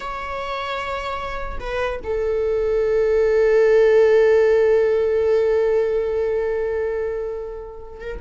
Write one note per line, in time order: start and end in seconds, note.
0.00 1.58 C#5
1.60 2.00 B4
2.03 7.99 A4
7.99 8.19 A#4